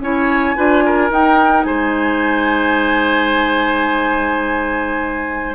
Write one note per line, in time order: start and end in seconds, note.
0.00 0.54 C#4
0.00 0.56 E4
0.00 0.57 C#5
0.00 1.11 G#5
0.56 1.10 D4
0.56 1.10 F4
0.56 0.84 B4
0.85 1.66 A#4
1.10 1.64 D#4
1.10 5.55 D#4
1.10 1.63 G5
1.63 5.55 G#3
1.63 5.55 C5
1.63 5.55 G#5